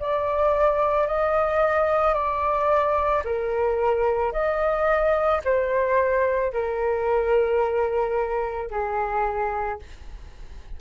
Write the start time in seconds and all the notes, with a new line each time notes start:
0.00 D5
1.08 D#5
2.15 D5
3.25 A#4
4.33 D#5
5.45 C5
6.54 A#4
8.71 G#4